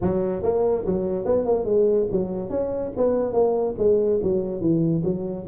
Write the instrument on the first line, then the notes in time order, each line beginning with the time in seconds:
tuba
0.01 F#3
0.42 A#3
0.85 F#3
1.25 B3
1.45 A#3
1.64 G#3
2.11 F#3
2.49 C#4
2.96 B3
3.32 A#3
3.78 G#3
4.22 F#3
4.60 E3
5.04 F#3